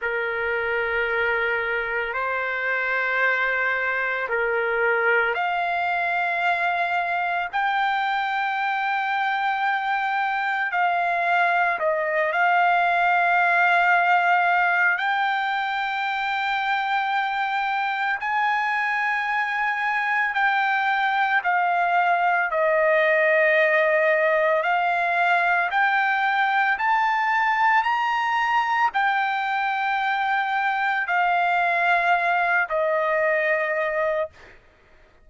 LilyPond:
\new Staff \with { instrumentName = "trumpet" } { \time 4/4 \tempo 4 = 56 ais'2 c''2 | ais'4 f''2 g''4~ | g''2 f''4 dis''8 f''8~ | f''2 g''2~ |
g''4 gis''2 g''4 | f''4 dis''2 f''4 | g''4 a''4 ais''4 g''4~ | g''4 f''4. dis''4. | }